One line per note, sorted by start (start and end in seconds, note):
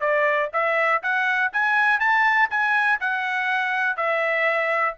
0.00 0.49 D5
0.53 1.02 E5
1.02 1.52 F#5
1.52 2.00 G#5
2.00 2.49 A5
2.50 3.00 G#5
3.00 3.97 F#5
3.97 4.95 E5